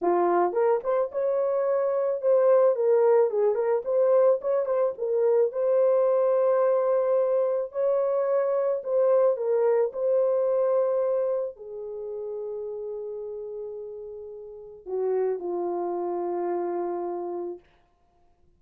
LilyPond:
\new Staff \with { instrumentName = "horn" } { \time 4/4 \tempo 4 = 109 f'4 ais'8 c''8 cis''2 | c''4 ais'4 gis'8 ais'8 c''4 | cis''8 c''8 ais'4 c''2~ | c''2 cis''2 |
c''4 ais'4 c''2~ | c''4 gis'2.~ | gis'2. fis'4 | f'1 | }